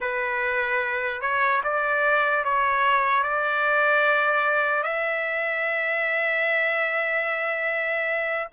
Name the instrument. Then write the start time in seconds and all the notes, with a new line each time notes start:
trumpet
0.00 B4
1.21 C#5
1.63 D5
2.44 C#5
3.23 D5
4.82 E5